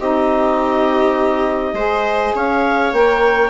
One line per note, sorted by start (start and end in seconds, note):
0.00 1.74 C4
0.00 1.76 D#4
0.00 1.75 G4
0.00 2.35 D#5
1.74 2.33 G#3
1.74 2.94 G#4
1.74 2.34 C5
2.35 2.93 C#4
2.35 3.51 C#5
2.35 2.94 F5
2.93 3.51 A#3
2.93 3.51 A#4
2.93 3.51 G5